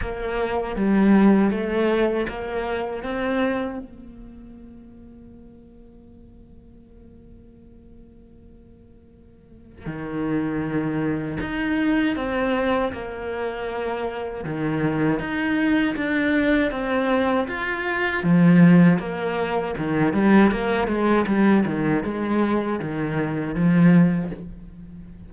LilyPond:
\new Staff \with { instrumentName = "cello" } { \time 4/4 \tempo 4 = 79 ais4 g4 a4 ais4 | c'4 ais2.~ | ais1~ | ais4 dis2 dis'4 |
c'4 ais2 dis4 | dis'4 d'4 c'4 f'4 | f4 ais4 dis8 g8 ais8 gis8 | g8 dis8 gis4 dis4 f4 | }